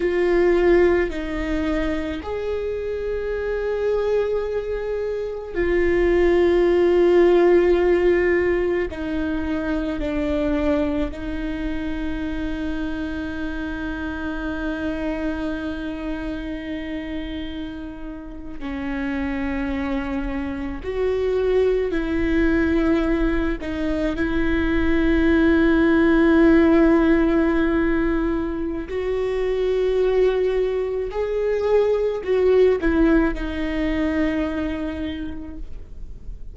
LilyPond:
\new Staff \with { instrumentName = "viola" } { \time 4/4 \tempo 4 = 54 f'4 dis'4 gis'2~ | gis'4 f'2. | dis'4 d'4 dis'2~ | dis'1~ |
dis'8. cis'2 fis'4 e'16~ | e'4~ e'16 dis'8 e'2~ e'16~ | e'2 fis'2 | gis'4 fis'8 e'8 dis'2 | }